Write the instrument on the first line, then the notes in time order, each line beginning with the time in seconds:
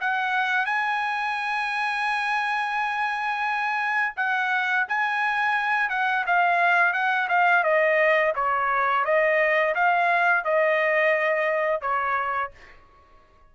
trumpet
0.00 F#5
0.65 G#5
4.16 F#5
4.88 G#5
5.90 F#5
6.26 F5
6.93 F#5
7.28 F5
7.63 D#5
8.35 C#5
9.04 D#5
9.75 F5
10.44 D#5
11.81 C#5